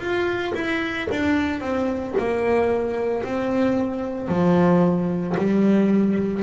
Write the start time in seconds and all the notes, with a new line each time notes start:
0.00 F4
0.55 E4
1.12 D4
1.61 C4
2.19 A#3
3.24 C4
4.29 F3
5.38 G3